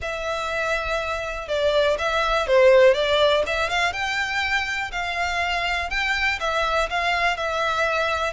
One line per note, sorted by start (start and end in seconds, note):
0.01 1.48 E5
1.48 1.97 D5
1.98 2.47 E5
2.47 2.94 C5
2.94 3.43 D5
3.46 3.69 E5
3.69 3.92 F5
3.92 4.91 G5
4.91 5.89 F5
5.89 6.39 G5
6.40 6.89 E5
6.90 7.36 F5
7.36 8.33 E5